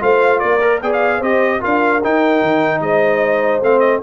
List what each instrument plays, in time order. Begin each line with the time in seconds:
0.00 tuba A3, trombone F4, horn C5, trumpet F5
0.40 tuba A#3, horn A#4, trumpet D5
0.61 trombone A#4
0.82 tuba B3, trombone G#4, horn D5, trumpet G5
0.93 trumpet F5
1.19 tuba C4, trombone G4, horn C5, trumpet D#5
1.61 tuba D4, trombone F4, horn A#4, trumpet F5
2.04 trombone D#4, tuba D#4, trumpet G5
2.43 tuba D#3
2.81 tuba G#3, horn C5, trumpet D#5
3.61 tuba A3, trombone C4, trumpet F5
3.80 trumpet D#5